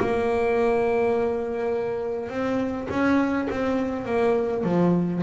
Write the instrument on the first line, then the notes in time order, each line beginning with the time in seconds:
double bass
0.00 A#3
2.29 C4
2.89 C#4
3.50 C4
4.05 A#3
4.64 F3